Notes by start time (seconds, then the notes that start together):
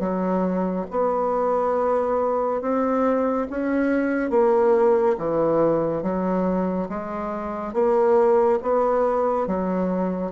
0.00 F#3
0.91 B3
2.61 C4
3.51 C#4
4.31 A#3
5.18 E3
6.03 F#3
6.90 G#3
7.74 A#3
8.63 B3
9.47 F#3